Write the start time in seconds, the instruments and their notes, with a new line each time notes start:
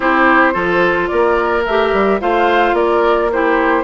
0.00 bassoon C4, clarinet E4, oboe G4, flute C5
0.53 bassoon F3, clarinet F4, oboe A4
1.07 bassoon A#3, oboe A#4, flute D5
1.65 bassoon A3, clarinet G4, flute E5
1.92 bassoon G3
2.20 bassoon A3, clarinet F4, oboe C5, flute F5
2.73 bassoon A#3, oboe A#4, flute D5
3.31 clarinet E4, oboe G4, flute C5